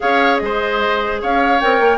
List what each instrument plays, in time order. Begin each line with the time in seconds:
0.00 bassoon C#4, clarinet G#4, oboe C#5, flute F5
0.37 bassoon G#3, flute D#5
0.44 oboe C5
1.21 bassoon C#4, oboe C#5, flute F5
1.60 bassoon C4, clarinet A#4, flute G5
1.80 bassoon A#3